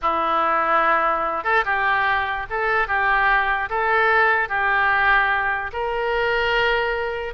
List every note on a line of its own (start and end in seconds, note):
0.02 1.44 E4
1.44 1.64 A4
1.64 2.46 G4
2.50 2.87 A4
2.87 3.69 G4
3.69 4.48 A4
4.48 5.71 G4
5.72 7.34 A#4